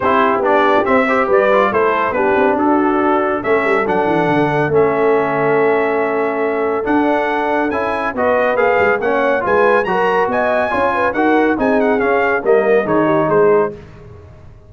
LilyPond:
<<
  \new Staff \with { instrumentName = "trumpet" } { \time 4/4 \tempo 4 = 140 c''4 d''4 e''4 d''4 | c''4 b'4 a'2 | e''4 fis''2 e''4~ | e''1 |
fis''2 gis''4 dis''4 | f''4 fis''4 gis''4 ais''4 | gis''2 fis''4 gis''8 fis''8 | f''4 dis''4 cis''4 c''4 | }
  \new Staff \with { instrumentName = "horn" } { \time 4/4 g'2~ g'8 c''8 b'4 | a'4 g'4 fis'2 | a'1~ | a'1~ |
a'2. b'4~ | b'4 cis''4 b'4 ais'4 | dis''4 cis''8 b'8 ais'4 gis'4~ | gis'4 ais'4 gis'8 g'8 gis'4 | }
  \new Staff \with { instrumentName = "trombone" } { \time 4/4 e'4 d'4 c'8 g'4 f'8 | e'4 d'2. | cis'4 d'2 cis'4~ | cis'1 |
d'2 e'4 fis'4 | gis'4 cis'4 f'4 fis'4~ | fis'4 f'4 fis'4 dis'4 | cis'4 ais4 dis'2 | }
  \new Staff \with { instrumentName = "tuba" } { \time 4/4 c'4 b4 c'4 g4 | a4 b8 c'8 d'2 | a8 g8 fis8 e8 d4 a4~ | a1 |
d'2 cis'4 b4 | ais8 gis8 ais4 gis4 fis4 | b4 cis'4 dis'4 c'4 | cis'4 g4 dis4 gis4 | }
>>